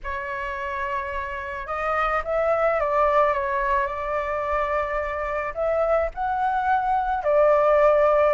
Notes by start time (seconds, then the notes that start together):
0.03 C#5
1.66 D#5
2.24 E5
2.80 D5
3.33 C#5
3.86 D5
5.54 E5
6.14 F#5
7.23 D5